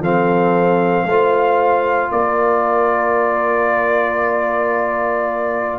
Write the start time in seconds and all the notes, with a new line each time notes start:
0.00 F3 C4 A4 F5
1.05 A3 F4 C5
2.11 A#3 A#4 D5